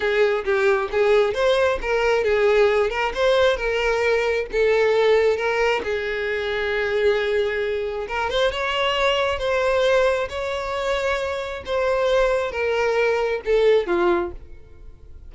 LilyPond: \new Staff \with { instrumentName = "violin" } { \time 4/4 \tempo 4 = 134 gis'4 g'4 gis'4 c''4 | ais'4 gis'4. ais'8 c''4 | ais'2 a'2 | ais'4 gis'2.~ |
gis'2 ais'8 c''8 cis''4~ | cis''4 c''2 cis''4~ | cis''2 c''2 | ais'2 a'4 f'4 | }